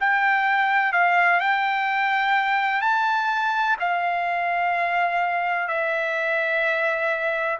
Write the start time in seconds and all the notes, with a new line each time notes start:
0.00 G5
0.92 F5
1.40 G5
2.81 A5
3.79 F5
5.68 E5